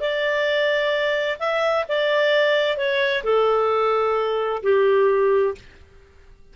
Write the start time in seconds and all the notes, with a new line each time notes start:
0.00 D5
1.39 E5
1.88 D5
2.77 C#5
3.23 A4
4.62 G4